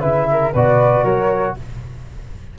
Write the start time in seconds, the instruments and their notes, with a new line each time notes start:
0.00 tuba C#3, trombone E4, flute B4 E5
0.31 flute A#4
0.53 tuba B2, trombone F#4, flute B4 D5
1.03 tuba F#3, flute A#4 C#5